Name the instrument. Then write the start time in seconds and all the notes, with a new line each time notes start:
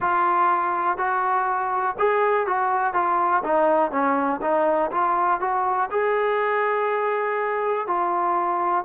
trombone
0.00 F4
0.97 F#4
1.98 G#4
2.46 F#4
2.93 F4
3.43 D#4
3.91 C#4
4.41 D#4
4.91 F4
5.40 F#4
5.90 G#4
7.87 F4